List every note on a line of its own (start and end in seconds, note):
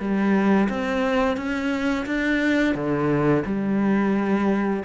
0.00 0.69 G3
0.70 1.37 C4
1.37 2.06 C#4
2.06 2.75 D4
2.75 3.44 D3
3.46 4.84 G3